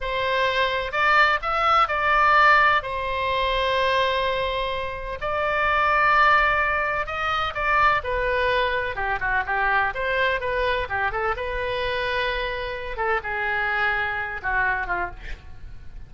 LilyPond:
\new Staff \with { instrumentName = "oboe" } { \time 4/4 \tempo 4 = 127 c''2 d''4 e''4 | d''2 c''2~ | c''2. d''4~ | d''2. dis''4 |
d''4 b'2 g'8 fis'8 | g'4 c''4 b'4 g'8 a'8 | b'2.~ b'8 a'8 | gis'2~ gis'8 fis'4 f'8 | }